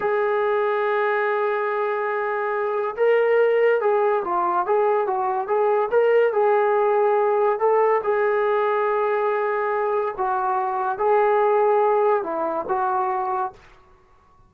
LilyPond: \new Staff \with { instrumentName = "trombone" } { \time 4/4 \tempo 4 = 142 gis'1~ | gis'2. ais'4~ | ais'4 gis'4 f'4 gis'4 | fis'4 gis'4 ais'4 gis'4~ |
gis'2 a'4 gis'4~ | gis'1 | fis'2 gis'2~ | gis'4 e'4 fis'2 | }